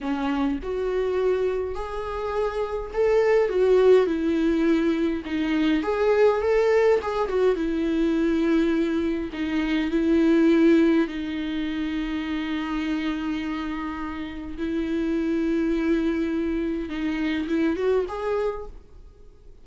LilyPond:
\new Staff \with { instrumentName = "viola" } { \time 4/4 \tempo 4 = 103 cis'4 fis'2 gis'4~ | gis'4 a'4 fis'4 e'4~ | e'4 dis'4 gis'4 a'4 | gis'8 fis'8 e'2. |
dis'4 e'2 dis'4~ | dis'1~ | dis'4 e'2.~ | e'4 dis'4 e'8 fis'8 gis'4 | }